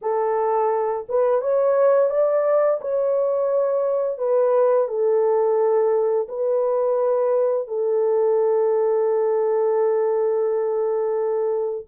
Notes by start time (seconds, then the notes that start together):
0.01 A4
1.08 B4
1.41 C#5
2.10 D5
2.81 C#5
4.18 B4
4.88 A4
6.28 B4
7.67 A4